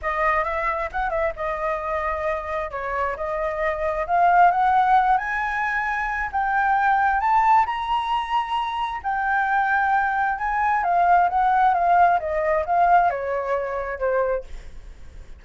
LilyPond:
\new Staff \with { instrumentName = "flute" } { \time 4/4 \tempo 4 = 133 dis''4 e''4 fis''8 e''8 dis''4~ | dis''2 cis''4 dis''4~ | dis''4 f''4 fis''4. gis''8~ | gis''2 g''2 |
a''4 ais''2. | g''2. gis''4 | f''4 fis''4 f''4 dis''4 | f''4 cis''2 c''4 | }